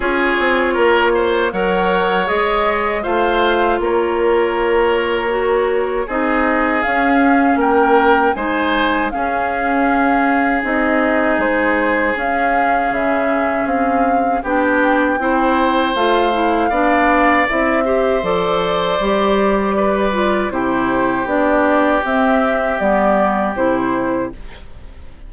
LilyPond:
<<
  \new Staff \with { instrumentName = "flute" } { \time 4/4 \tempo 4 = 79 cis''2 fis''4 dis''4 | f''4 cis''2. | dis''4 f''4 g''4 gis''4 | f''2 dis''4 c''4 |
f''4 e''4 f''4 g''4~ | g''4 f''2 e''4 | d''2. c''4 | d''4 e''4 d''4 c''4 | }
  \new Staff \with { instrumentName = "oboe" } { \time 4/4 gis'4 ais'8 c''8 cis''2 | c''4 ais'2. | gis'2 ais'4 c''4 | gis'1~ |
gis'2. g'4 | c''2 d''4. c''8~ | c''2 b'4 g'4~ | g'1 | }
  \new Staff \with { instrumentName = "clarinet" } { \time 4/4 f'2 ais'4 gis'4 | f'2. fis'4 | dis'4 cis'2 dis'4 | cis'2 dis'2 |
cis'2. d'4 | e'4 f'8 e'8 d'4 e'8 g'8 | a'4 g'4. f'8 e'4 | d'4 c'4 b4 e'4 | }
  \new Staff \with { instrumentName = "bassoon" } { \time 4/4 cis'8 c'8 ais4 fis4 gis4 | a4 ais2. | c'4 cis'4 ais4 gis4 | cis'2 c'4 gis4 |
cis'4 cis4 c'4 b4 | c'4 a4 b4 c'4 | f4 g2 c4 | b4 c'4 g4 c4 | }
>>